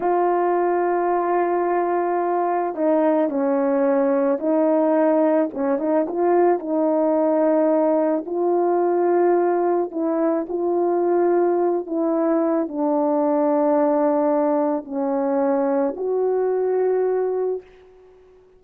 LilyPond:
\new Staff \with { instrumentName = "horn" } { \time 4/4 \tempo 4 = 109 f'1~ | f'4 dis'4 cis'2 | dis'2 cis'8 dis'8 f'4 | dis'2. f'4~ |
f'2 e'4 f'4~ | f'4. e'4. d'4~ | d'2. cis'4~ | cis'4 fis'2. | }